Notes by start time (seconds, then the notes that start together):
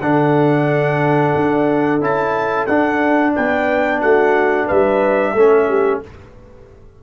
0.00 D3 D4 A4 F#5
1.36 D4
2.01 C#4 E4 A5
2.67 D4 F#5
3.35 B3 B4 G5
4.01 A3 F#4 F#5
4.66 G3 B4 E5
5.34 A3 C#4 A4
5.69 G4